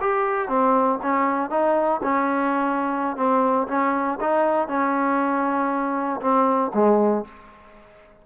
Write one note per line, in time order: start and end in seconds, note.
0.00 0.48 G4
0.48 0.99 C4
1.02 1.50 C#4
1.50 2.01 D#4
2.03 3.16 C#4
3.16 3.67 C4
3.68 4.19 C#4
4.20 4.68 D#4
4.68 6.20 C#4
6.21 6.71 C4
6.74 7.25 G#3